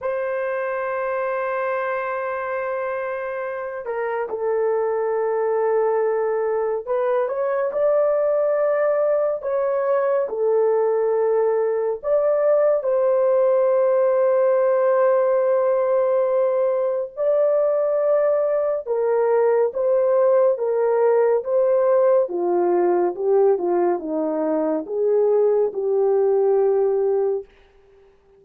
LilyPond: \new Staff \with { instrumentName = "horn" } { \time 4/4 \tempo 4 = 70 c''1~ | c''8 ais'8 a'2. | b'8 cis''8 d''2 cis''4 | a'2 d''4 c''4~ |
c''1 | d''2 ais'4 c''4 | ais'4 c''4 f'4 g'8 f'8 | dis'4 gis'4 g'2 | }